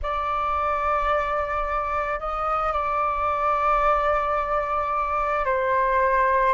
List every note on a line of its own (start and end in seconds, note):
0.02 2.19 D5
2.19 2.72 D#5
2.72 5.45 D5
5.45 6.54 C5